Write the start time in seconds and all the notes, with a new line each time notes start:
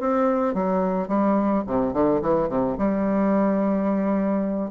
0.00 C4
0.54 F#3
1.08 G3
1.67 C3
1.93 D3
2.22 E3
2.49 C3
2.78 G3